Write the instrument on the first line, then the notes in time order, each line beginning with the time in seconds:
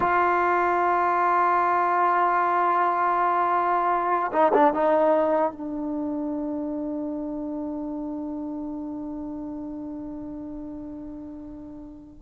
trombone
0.00 F4
4.32 D#4
4.53 D4
4.73 D#4
5.52 D4